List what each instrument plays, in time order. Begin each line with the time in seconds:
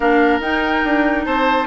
0.00 bassoon A#3, clarinet D4, oboe A#4, flute F5
0.40 bassoon D#4, clarinet D#4, flute G5
0.84 bassoon D4
1.24 bassoon C4, oboe C5, flute A5